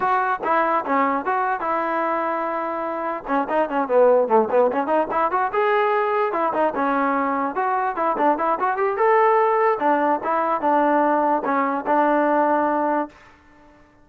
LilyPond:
\new Staff \with { instrumentName = "trombone" } { \time 4/4 \tempo 4 = 147 fis'4 e'4 cis'4 fis'4 | e'1 | cis'8 dis'8 cis'8 b4 a8 b8 cis'8 | dis'8 e'8 fis'8 gis'2 e'8 |
dis'8 cis'2 fis'4 e'8 | d'8 e'8 fis'8 g'8 a'2 | d'4 e'4 d'2 | cis'4 d'2. | }